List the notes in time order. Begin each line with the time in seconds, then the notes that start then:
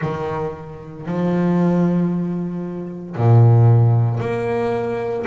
0.00 D#3
1.06 F3
3.16 A#2
4.20 A#3